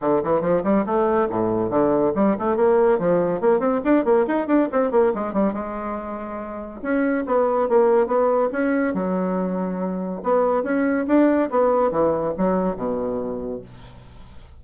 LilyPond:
\new Staff \with { instrumentName = "bassoon" } { \time 4/4 \tempo 4 = 141 d8 e8 f8 g8 a4 a,4 | d4 g8 a8 ais4 f4 | ais8 c'8 d'8 ais8 dis'8 d'8 c'8 ais8 | gis8 g8 gis2. |
cis'4 b4 ais4 b4 | cis'4 fis2. | b4 cis'4 d'4 b4 | e4 fis4 b,2 | }